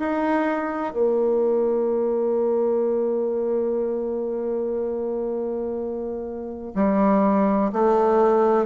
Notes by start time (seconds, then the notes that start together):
0.00 D#4
0.93 A#3
6.76 G3
7.73 A3